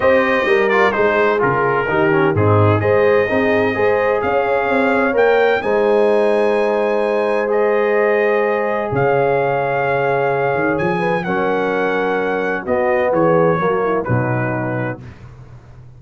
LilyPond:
<<
  \new Staff \with { instrumentName = "trumpet" } { \time 4/4 \tempo 4 = 128 dis''4. d''8 c''4 ais'4~ | ais'4 gis'4 dis''2~ | dis''4 f''2 g''4 | gis''1 |
dis''2. f''4~ | f''2. gis''4 | fis''2. dis''4 | cis''2 b'2 | }
  \new Staff \with { instrumentName = "horn" } { \time 4/4 c''4 ais'4 gis'2 | g'4 dis'4 c''4 gis'4 | c''4 cis''2. | c''1~ |
c''2. cis''4~ | cis''2.~ cis''8 b'8 | ais'2. fis'4 | gis'4 fis'8 e'8 dis'2 | }
  \new Staff \with { instrumentName = "trombone" } { \time 4/4 g'4. f'8 dis'4 f'4 | dis'8 cis'8 c'4 gis'4 dis'4 | gis'2. ais'4 | dis'1 |
gis'1~ | gis'1 | cis'2. b4~ | b4 ais4 fis2 | }
  \new Staff \with { instrumentName = "tuba" } { \time 4/4 c'4 g4 gis4 cis4 | dis4 gis,4 gis4 c'4 | gis4 cis'4 c'4 ais4 | gis1~ |
gis2. cis4~ | cis2~ cis8 dis8 f4 | fis2. b4 | e4 fis4 b,2 | }
>>